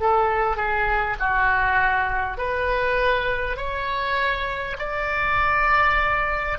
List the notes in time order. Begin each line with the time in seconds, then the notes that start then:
0.00 A4
0.56 G#4
1.19 F#4
2.38 B4
3.57 C#5
4.78 D5